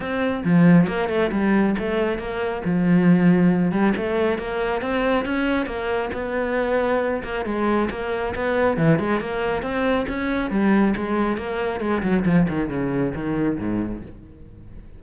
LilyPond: \new Staff \with { instrumentName = "cello" } { \time 4/4 \tempo 4 = 137 c'4 f4 ais8 a8 g4 | a4 ais4 f2~ | f8 g8 a4 ais4 c'4 | cis'4 ais4 b2~ |
b8 ais8 gis4 ais4 b4 | e8 gis8 ais4 c'4 cis'4 | g4 gis4 ais4 gis8 fis8 | f8 dis8 cis4 dis4 gis,4 | }